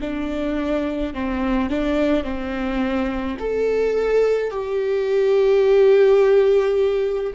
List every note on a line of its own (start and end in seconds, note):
0.00 1.13 D4
1.13 1.69 C4
1.69 2.23 D4
2.23 3.37 C4
3.39 4.50 A4
4.50 7.33 G4